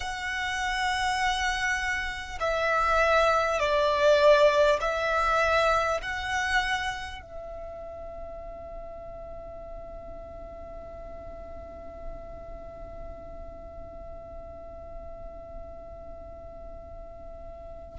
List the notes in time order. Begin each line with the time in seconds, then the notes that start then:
0.00 F#5
2.40 E5
3.59 D5
4.80 E5
6.02 F#5
7.21 E5